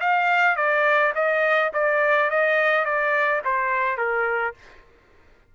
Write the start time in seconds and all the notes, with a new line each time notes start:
0.00 F5
0.56 D5
1.15 D#5
1.73 D5
2.30 D#5
2.85 D5
3.45 C5
3.97 A#4